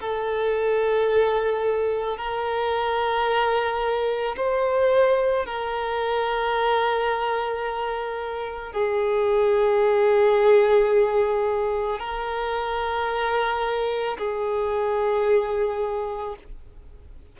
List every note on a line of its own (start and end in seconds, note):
0.00 2.18 A4
2.18 4.36 A#4
4.36 5.45 C5
5.45 8.73 A#4
8.73 12.00 G#4
12.00 14.18 A#4
14.18 16.36 G#4